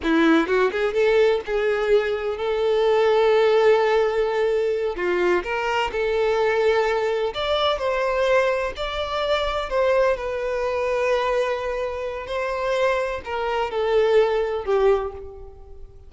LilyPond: \new Staff \with { instrumentName = "violin" } { \time 4/4 \tempo 4 = 127 e'4 fis'8 gis'8 a'4 gis'4~ | gis'4 a'2.~ | a'2~ a'8 f'4 ais'8~ | ais'8 a'2. d''8~ |
d''8 c''2 d''4.~ | d''8 c''4 b'2~ b'8~ | b'2 c''2 | ais'4 a'2 g'4 | }